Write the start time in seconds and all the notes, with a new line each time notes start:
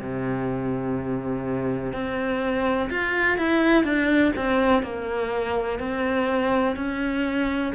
0.00 C3
1.93 C4
2.90 F4
3.38 E4
3.84 D4
4.36 C4
4.83 A#3
5.80 C4
6.77 C#4